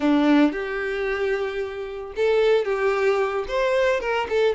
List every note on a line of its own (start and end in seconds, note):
0.00 0.52 D4
0.52 2.12 G4
2.16 2.64 A4
2.64 3.45 G4
3.48 4.00 C5
4.00 4.27 A#4
4.29 4.54 A4